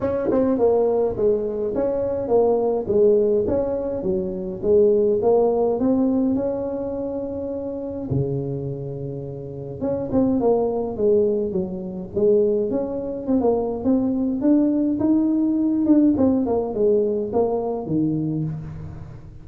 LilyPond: \new Staff \with { instrumentName = "tuba" } { \time 4/4 \tempo 4 = 104 cis'8 c'8 ais4 gis4 cis'4 | ais4 gis4 cis'4 fis4 | gis4 ais4 c'4 cis'4~ | cis'2 cis2~ |
cis4 cis'8 c'8 ais4 gis4 | fis4 gis4 cis'4 c'16 ais8. | c'4 d'4 dis'4. d'8 | c'8 ais8 gis4 ais4 dis4 | }